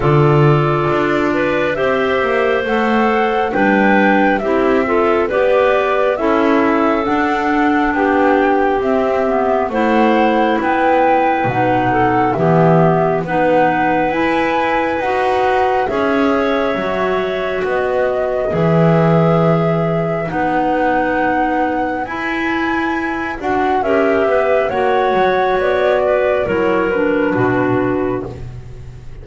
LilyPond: <<
  \new Staff \with { instrumentName = "flute" } { \time 4/4 \tempo 4 = 68 d''2 e''4 fis''4 | g''4 e''4 d''4 e''4 | fis''4 g''4 e''4 fis''4 | g''4 fis''4 e''4 fis''4 |
gis''4 fis''4 e''2 | dis''4 e''2 fis''4~ | fis''4 gis''4. fis''8 e''4 | fis''4 d''4 cis''8 b'4. | }
  \new Staff \with { instrumentName = "clarinet" } { \time 4/4 a'4. b'8 c''2 | b'4 g'8 a'8 b'4 a'4~ | a'4 g'2 c''4 | b'4. a'8 g'4 b'4~ |
b'2 cis''2 | b'1~ | b'2. ais'8 b'8 | cis''4. b'8 ais'4 fis'4 | }
  \new Staff \with { instrumentName = "clarinet" } { \time 4/4 f'2 g'4 a'4 | d'4 e'8 f'8 g'4 e'4 | d'2 c'8 b8 e'4~ | e'4 dis'4 b4 dis'4 |
e'4 fis'4 gis'4 fis'4~ | fis'4 gis'2 dis'4~ | dis'4 e'4. fis'8 g'4 | fis'2 e'8 d'4. | }
  \new Staff \with { instrumentName = "double bass" } { \time 4/4 d4 d'4 c'8 ais8 a4 | g4 c'4 b4 cis'4 | d'4 b4 c'4 a4 | b4 b,4 e4 b4 |
e'4 dis'4 cis'4 fis4 | b4 e2 b4~ | b4 e'4. d'8 cis'8 b8 | ais8 fis8 b4 fis4 b,4 | }
>>